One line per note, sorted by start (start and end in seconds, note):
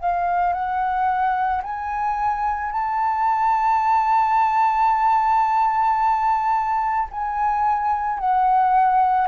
0.00 0.53 F5
0.53 1.62 F#5
1.63 2.71 G#5
2.71 7.08 A5
7.11 8.19 G#5
8.19 9.27 F#5